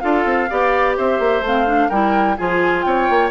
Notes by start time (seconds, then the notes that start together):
0.00 D4 F4 A4 F5
0.25 C4
0.50 B3 G4 D5
0.97 C4 C5 E5
1.19 A#3
1.41 A3 C4 F5
1.66 D4
1.89 G3 E4 A#4 G5
2.37 F3 F4 G#4 G#5
2.82 C4 C#5 G5
3.10 A#3